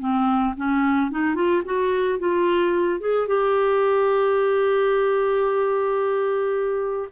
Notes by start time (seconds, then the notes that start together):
0.00 C4
0.57 C#4
1.12 D#4
1.36 F4
1.65 F#4
2.19 F4
3.00 G#4
3.28 G4